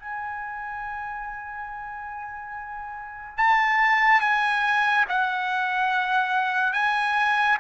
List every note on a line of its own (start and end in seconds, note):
0.00 3.38 G#5
3.38 4.21 A5
4.21 5.06 G#5
5.09 6.74 F#5
6.74 7.58 G#5